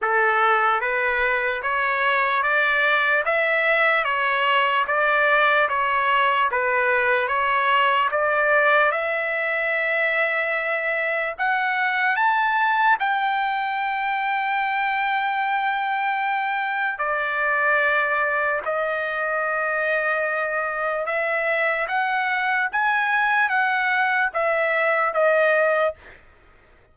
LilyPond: \new Staff \with { instrumentName = "trumpet" } { \time 4/4 \tempo 4 = 74 a'4 b'4 cis''4 d''4 | e''4 cis''4 d''4 cis''4 | b'4 cis''4 d''4 e''4~ | e''2 fis''4 a''4 |
g''1~ | g''4 d''2 dis''4~ | dis''2 e''4 fis''4 | gis''4 fis''4 e''4 dis''4 | }